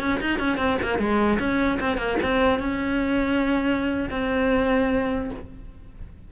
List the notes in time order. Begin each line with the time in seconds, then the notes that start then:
0.00 C#4
0.21 D#4
0.39 C#4
0.58 C4
0.82 A#3
0.99 G#3
1.39 C#4
1.80 C4
1.97 A#3
2.22 C4
2.59 C#4
4.10 C4